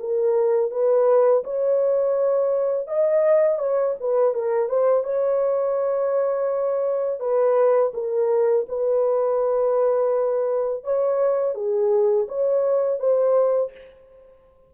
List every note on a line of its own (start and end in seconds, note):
0.00 0.72 A#4
0.72 1.44 B4
1.44 2.88 C#5
2.88 3.59 D#5
3.59 3.95 C#5
4.01 4.35 B4
4.35 4.70 A#4
4.70 5.04 C5
5.04 7.20 C#5
7.20 7.93 B4
7.95 8.67 A#4
8.69 10.84 B4
10.84 11.55 C#5
11.55 12.28 G#4
12.29 13.00 C#5
13.00 13.72 C5